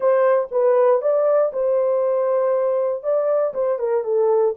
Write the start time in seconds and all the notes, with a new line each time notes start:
0.00 C5
0.51 B4
1.01 D5
1.52 C5
3.03 D5
3.53 C5
3.78 A#4
4.04 A4